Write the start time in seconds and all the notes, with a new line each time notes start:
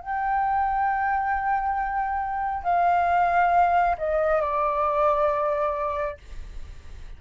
0.00 G5
2.64 F5
3.97 D#5
4.41 D5